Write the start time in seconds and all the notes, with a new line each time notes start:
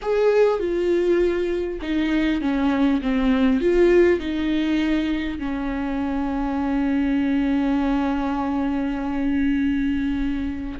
0.02 G#4
0.59 F4
1.81 D#4
2.41 C#4
3.01 C4
3.61 F4
4.19 D#4
5.39 C#4